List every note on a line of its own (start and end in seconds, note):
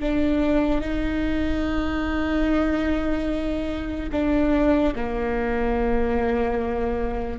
0.00 0.81 D4
0.81 4.10 D#4
4.12 4.94 D4
4.95 7.39 A#3